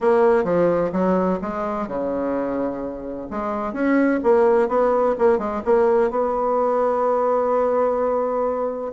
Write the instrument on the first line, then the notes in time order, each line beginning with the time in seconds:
bassoon
0.00 A#3
0.44 F3
0.92 F#3
1.41 G#3
1.87 C#3
3.30 G#3
3.73 C#4
4.23 A#3
4.68 B3
5.18 A#3
5.38 G#3
5.64 A#3
6.10 B3